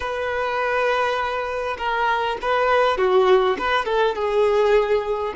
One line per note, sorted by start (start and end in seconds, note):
0.00 1.76 B4
1.78 2.37 A#4
2.41 2.97 B4
2.97 3.56 F#4
3.58 3.85 B4
3.85 4.14 A4
4.14 5.33 G#4